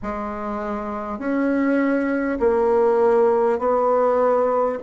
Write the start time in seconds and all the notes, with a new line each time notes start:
0.02 G#3
1.18 C#4
2.39 A#3
3.58 B3